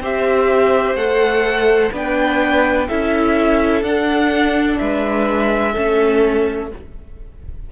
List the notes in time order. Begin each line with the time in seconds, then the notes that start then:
0.00 C4 G4 C5 E5
0.95 A3 A4 F#5
1.92 B3 D4 B4 G5
2.88 C#4 E4 A4 E5
3.82 D4 F#5
4.78 G#3 B4 E5
5.72 A3 C#4 A4